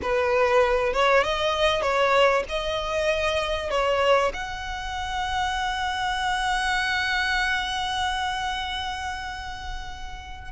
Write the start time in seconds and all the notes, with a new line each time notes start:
0.02 B4
0.93 C#5
1.23 D#5
1.81 C#5
2.48 D#5
3.70 C#5
4.33 F#5